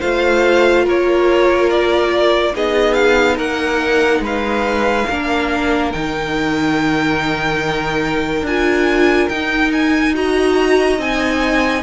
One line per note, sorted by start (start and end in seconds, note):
0.00 0.87 A3
0.00 2.54 F4
0.00 0.84 C5
0.00 0.85 F5
0.84 2.55 A#3
0.84 2.53 A#4
0.84 1.70 C#5
1.70 2.55 D5
2.54 3.39 B3
2.54 5.07 D#4
2.54 3.36 G#4
2.54 2.94 D#5
2.94 3.36 F5
3.36 4.20 A#3
3.36 4.21 A#4
3.36 4.24 F#5
4.20 5.04 G#3
4.20 5.08 B4
4.26 5.92 F5
5.08 5.94 A#3
5.08 5.93 D4
5.08 10.15 A#4
5.92 8.42 D#3
5.92 8.46 D#4
5.92 8.46 G5
8.42 9.27 D4
8.42 9.31 F4
8.42 9.29 G#5
9.29 10.98 D#4
9.29 10.14 D#4
9.29 9.71 G5
9.73 10.15 G#5
10.14 10.99 F#4
10.14 11.83 D#5
10.14 11.01 A#5
10.98 11.83 C4
10.98 11.83 D#4
10.98 11.83 G#5